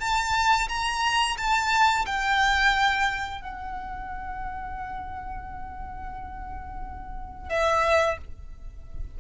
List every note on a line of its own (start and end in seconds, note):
0.00 0.68 A5
0.68 1.37 A#5
1.37 2.05 A5
2.05 3.42 G5
3.42 7.49 F#5
7.49 8.18 E5